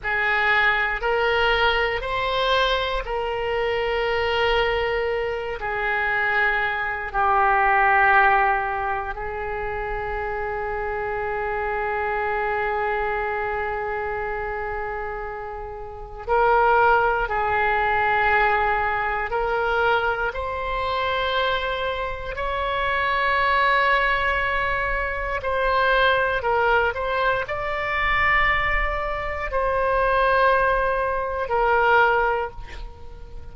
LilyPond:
\new Staff \with { instrumentName = "oboe" } { \time 4/4 \tempo 4 = 59 gis'4 ais'4 c''4 ais'4~ | ais'4. gis'4. g'4~ | g'4 gis'2.~ | gis'1 |
ais'4 gis'2 ais'4 | c''2 cis''2~ | cis''4 c''4 ais'8 c''8 d''4~ | d''4 c''2 ais'4 | }